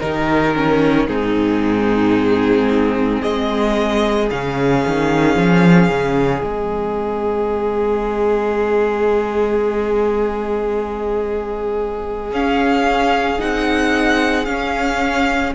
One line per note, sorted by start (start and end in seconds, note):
0.00 1.08 D#3
0.00 0.54 D#4
0.00 1.06 G4
0.00 1.07 A#4
0.56 1.09 C#4
1.06 3.23 G#2
1.06 4.30 C4
1.06 3.20 D#4
1.06 3.22 G#4
3.22 4.30 G#3
3.22 15.54 G#4
3.22 4.29 D#5
4.31 4.85 C#3
4.31 6.44 C#4
4.31 6.42 F5
4.87 5.36 D#3
5.36 5.89 F3
5.89 6.42 C#3
6.42 12.32 G#3
6.42 12.33 C4
6.42 12.31 D#5
12.32 13.39 C#4
12.32 13.41 F5
13.39 14.48 C4
13.39 14.46 D#4
13.39 14.45 F#5
14.45 15.54 C#4
14.45 15.55 C#4
14.45 15.52 F5